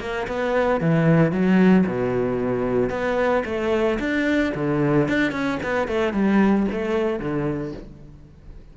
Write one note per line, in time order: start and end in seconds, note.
0.00 0.27 A#3
0.27 0.81 B3
0.81 1.31 E3
1.31 1.85 F#3
1.87 2.90 B2
2.90 3.43 B3
3.45 3.98 A3
3.99 4.53 D4
4.55 5.08 D3
5.08 5.32 D4
5.32 5.59 C#4
5.63 5.88 B3
5.88 6.13 A3
6.13 6.67 G3
6.72 7.19 A3
7.19 7.73 D3